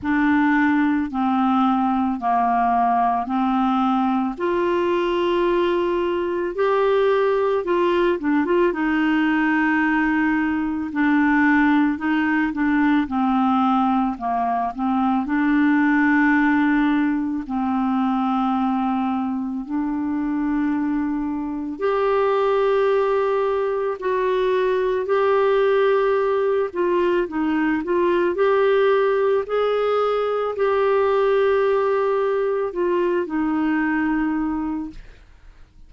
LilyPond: \new Staff \with { instrumentName = "clarinet" } { \time 4/4 \tempo 4 = 55 d'4 c'4 ais4 c'4 | f'2 g'4 f'8 d'16 f'16 | dis'2 d'4 dis'8 d'8 | c'4 ais8 c'8 d'2 |
c'2 d'2 | g'2 fis'4 g'4~ | g'8 f'8 dis'8 f'8 g'4 gis'4 | g'2 f'8 dis'4. | }